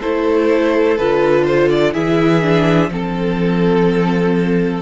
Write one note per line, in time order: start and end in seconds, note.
0.00 0.99 A3
0.00 0.99 E4
0.00 1.93 A4
0.00 0.98 C5
0.98 1.95 D3
0.98 1.93 F4
0.98 1.45 B4
1.45 1.69 C5
1.69 1.94 D5
1.93 2.90 E3
1.93 2.42 E4
1.93 2.90 G#4
1.93 2.91 E5
2.42 2.90 D4
2.90 4.82 F3
2.90 4.82 C4
2.90 4.82 A4
2.96 4.82 A4